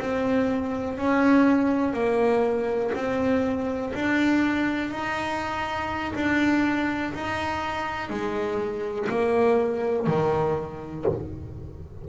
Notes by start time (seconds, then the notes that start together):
0.00 C4
0.98 C#4
1.94 A#3
2.95 C4
3.95 D4
4.91 D#4
6.15 D4
7.14 D#4
8.10 G#3
9.09 A#3
10.07 D#3